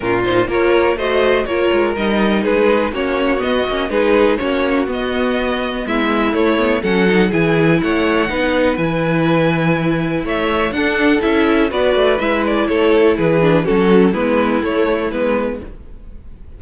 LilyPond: <<
  \new Staff \with { instrumentName = "violin" } { \time 4/4 \tempo 4 = 123 ais'8 c''8 cis''4 dis''4 cis''4 | dis''4 b'4 cis''4 dis''4 | b'4 cis''4 dis''2 | e''4 cis''4 fis''4 gis''4 |
fis''2 gis''2~ | gis''4 e''4 fis''4 e''4 | d''4 e''8 d''8 cis''4 b'4 | a'4 b'4 cis''4 b'4 | }
  \new Staff \with { instrumentName = "violin" } { \time 4/4 f'4 ais'4 c''4 ais'4~ | ais'4 gis'4 fis'2 | gis'4 fis'2. | e'2 a'4 gis'4 |
cis''4 b'2.~ | b'4 cis''4 a'2 | b'2 a'4 gis'4 | fis'4 e'2. | }
  \new Staff \with { instrumentName = "viola" } { \time 4/4 cis'8 dis'8 f'4 fis'4 f'4 | dis'2 cis'4 b8 cis'8 | dis'4 cis'4 b2~ | b4 a8 b8 cis'8 dis'8 e'4~ |
e'4 dis'4 e'2~ | e'2 d'4 e'4 | fis'4 e'2~ e'8 d'8 | cis'4 b4 a4 b4 | }
  \new Staff \with { instrumentName = "cello" } { \time 4/4 ais,4 ais4 a4 ais8 gis8 | g4 gis4 ais4 b8 ais8 | gis4 ais4 b2 | gis4 a4 fis4 e4 |
a4 b4 e2~ | e4 a4 d'4 cis'4 | b8 a8 gis4 a4 e4 | fis4 gis4 a4 gis4 | }
>>